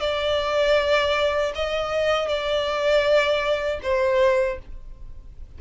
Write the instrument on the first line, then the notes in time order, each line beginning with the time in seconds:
violin
0.00 D5
1.55 D#5
2.28 D5
3.82 C5